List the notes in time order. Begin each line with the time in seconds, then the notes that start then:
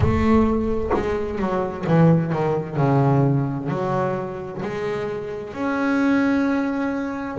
0.00 A3
0.93 G#3
1.38 F#3
1.86 E3
2.32 D#3
2.76 C#3
3.68 F#3
4.62 G#3
5.53 C#4